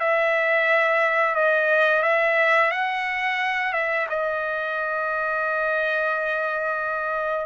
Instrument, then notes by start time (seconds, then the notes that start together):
trumpet
0.00 E5
1.35 D#5
2.03 E5
2.71 F#5
3.73 E5
4.10 D#5